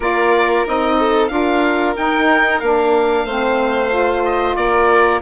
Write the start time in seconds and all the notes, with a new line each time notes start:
0.00 A#3 F4 A#4 D5
0.65 C4 D#4 D#5
0.99 A4
1.27 D4 F4 A#4 F5
1.96 D#4 G5
2.60 A#3 D4 F5
3.24 A3 C4 C5
3.89 F4
4.25 D#5
4.56 A#3 A#4 D5